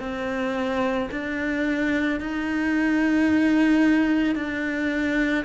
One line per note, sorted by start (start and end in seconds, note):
0.00 1.09 C4
1.11 2.20 D4
2.20 4.35 D#4
4.35 5.44 D4